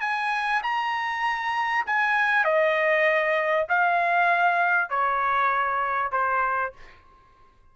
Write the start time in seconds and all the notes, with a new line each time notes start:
0.00 G#5
0.62 A#5
1.86 G#5
2.44 D#5
3.68 F5
4.89 C#5
6.11 C5